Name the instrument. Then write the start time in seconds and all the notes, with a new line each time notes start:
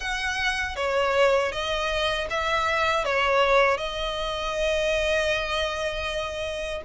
violin
0.00 F#5
0.76 C#5
1.52 D#5
2.30 E5
3.04 C#5
3.77 D#5